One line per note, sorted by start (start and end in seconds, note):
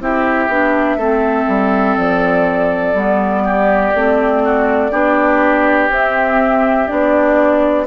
0.00 0.48 C4
0.00 0.49 E4
0.00 0.98 G4
0.00 1.97 E5
0.48 0.96 B3
0.48 0.99 D4
0.96 1.45 A3
0.96 2.96 C4
0.96 3.43 A4
1.48 1.97 G3
1.97 2.94 F3
1.97 5.91 D5
2.94 3.92 G3
2.94 3.94 B3
3.44 4.42 G4
3.95 4.92 A3
3.95 4.92 C4
4.45 4.91 F#4
4.91 5.89 B3
4.91 5.90 D4
4.91 7.86 G4
5.89 6.87 C4
5.89 6.88 C4
5.89 6.88 E5
6.88 7.87 B3
6.88 7.86 D4
6.88 7.86 D5